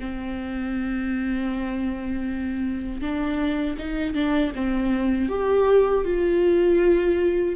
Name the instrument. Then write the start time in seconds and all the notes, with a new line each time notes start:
viola
0.00 C4
3.01 D4
3.79 D#4
4.15 D4
4.56 C4
5.29 G4
6.05 F4